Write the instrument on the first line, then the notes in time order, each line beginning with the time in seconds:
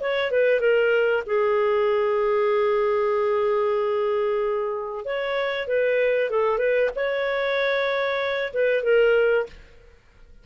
clarinet
0.00 C#5
0.31 B4
0.60 A#4
1.26 G#4
5.05 C#5
5.67 B4
6.30 A4
6.58 B4
6.95 C#5
8.53 B4
8.83 A#4